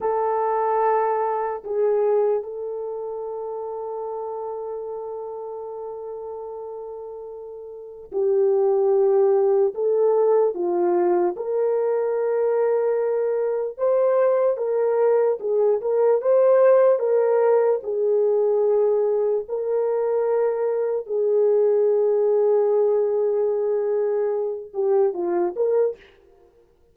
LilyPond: \new Staff \with { instrumentName = "horn" } { \time 4/4 \tempo 4 = 74 a'2 gis'4 a'4~ | a'1~ | a'2 g'2 | a'4 f'4 ais'2~ |
ais'4 c''4 ais'4 gis'8 ais'8 | c''4 ais'4 gis'2 | ais'2 gis'2~ | gis'2~ gis'8 g'8 f'8 ais'8 | }